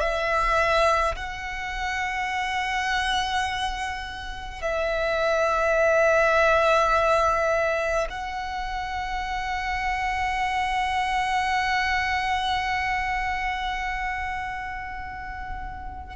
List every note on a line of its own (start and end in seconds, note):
0.00 1.15 E5
1.16 4.62 F#5
4.62 8.08 E5
8.10 16.16 F#5